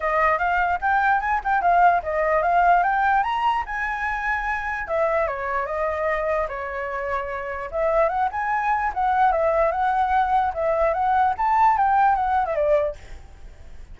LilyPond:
\new Staff \with { instrumentName = "flute" } { \time 4/4 \tempo 4 = 148 dis''4 f''4 g''4 gis''8 g''8 | f''4 dis''4 f''4 g''4 | ais''4 gis''2. | e''4 cis''4 dis''2 |
cis''2. e''4 | fis''8 gis''4. fis''4 e''4 | fis''2 e''4 fis''4 | a''4 g''4 fis''8. e''16 d''4 | }